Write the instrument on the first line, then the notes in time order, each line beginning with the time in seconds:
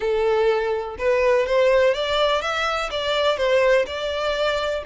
violin
0.00 A4
0.98 B4
1.46 C5
1.94 D5
2.41 E5
2.90 D5
3.37 C5
3.86 D5